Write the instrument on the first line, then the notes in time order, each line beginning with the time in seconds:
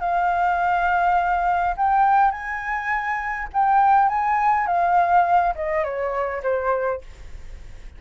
flute
0.00 F5
1.77 G5
2.31 G#5
3.53 G5
4.09 G#5
4.67 F5
5.55 D#5
5.84 C#5
6.43 C5